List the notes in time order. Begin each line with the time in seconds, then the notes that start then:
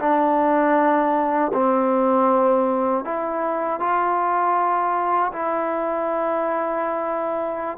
0.00 D4
1.54 C4
3.04 E4
3.80 F4
5.33 E4